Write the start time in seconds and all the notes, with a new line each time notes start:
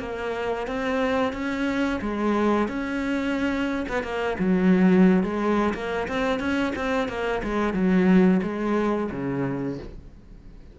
0.00 A#3
0.68 C4
1.33 C#4
2.01 G#3
2.68 C#4
3.89 B3
4.04 A#3
4.39 F#3
5.24 G#3
5.74 A#3
6.09 C4
6.40 C#4
6.76 C4
7.09 A#3
7.44 G#3
7.74 F#3
8.43 G#3
9.12 C#3